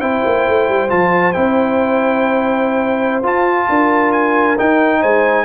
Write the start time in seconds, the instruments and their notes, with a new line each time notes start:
0.00 tuba C4, trombone E4, horn C5, trumpet G5
0.25 tuba A#3
0.47 tuba A3
0.68 tuba G3
0.88 tuba F3, trombone F4, trumpet A5
1.32 tuba C4, trombone E4, trumpet G5
3.23 trombone F4, tuba F4, trumpet A5
3.69 tuba D4, horn A#4
4.12 trumpet G#5
4.58 trombone D#4, tuba D#4, trumpet G5
5.00 tuba G#3, horn C5, trumpet G#5